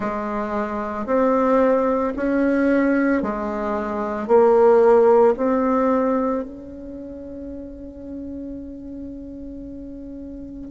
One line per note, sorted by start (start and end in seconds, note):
0.00 1.06 G#3
1.06 2.13 C4
2.16 3.22 C#4
3.22 4.27 G#3
4.27 5.34 A#3
5.36 6.43 C4
6.43 10.70 C#4